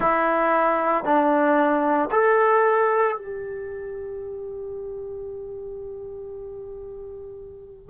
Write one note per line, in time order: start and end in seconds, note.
0.00 1.04 E4
1.04 2.09 D4
2.11 3.16 A4
3.16 7.89 G4